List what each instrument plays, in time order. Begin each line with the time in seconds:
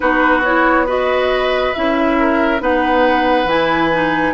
0.00 bassoon B3, clarinet D#4, oboe F#4, flute B4
0.44 clarinet E4, flute C#5
0.86 clarinet F#4, oboe B4, flute D#5
1.73 bassoon C#4, clarinet E4, flute E5
2.19 oboe A#4
2.59 bassoon B3, clarinet D#4, oboe B4, flute F#5
3.44 bassoon E3, clarinet E4, flute G#5
3.92 clarinet D#4